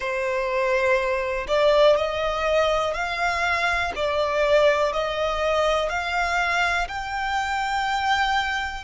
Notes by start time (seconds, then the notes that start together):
0.00 C5
1.47 D5
1.96 D#5
2.94 F5
3.95 D5
4.92 D#5
5.89 F5
6.88 G5